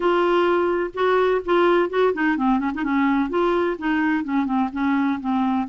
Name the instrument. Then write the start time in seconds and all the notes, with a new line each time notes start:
clarinet
0.00 F4
0.93 F#4
1.45 F4
1.89 F#4
2.13 D#4
2.37 C4
2.59 C#4
2.74 D#4
2.83 C#4
3.29 F4
3.78 D#4
4.24 C#4
4.45 C4
4.72 C#4
5.20 C4